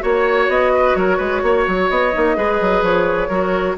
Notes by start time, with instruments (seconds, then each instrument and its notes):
0.00 bassoon A#3, clarinet F#4, oboe C#5
0.06 flute C#5
0.49 bassoon B3, flute D#5
0.74 oboe B4
0.96 bassoon F#3, oboe A#4, flute C#5
1.17 bassoon G#3, oboe B4
1.43 bassoon A#3, oboe C#5
1.68 bassoon F#3
1.90 bassoon B3, flute D#5
2.13 bassoon A#3, clarinet D#4
2.36 bassoon G#3, clarinet G#4, oboe B4
2.61 bassoon F#3
2.82 bassoon F3, flute C#5
3.29 bassoon F#3, clarinet F#4, oboe A#4